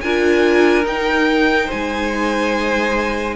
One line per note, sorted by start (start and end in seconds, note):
0.00 0.85 D4
0.00 0.84 F4
0.00 1.66 A#4
0.00 0.85 G#5
0.84 3.36 D#4
0.84 1.69 D#4
0.84 1.70 G5
1.66 3.35 C5
1.66 3.36 G#5
1.72 3.36 G#3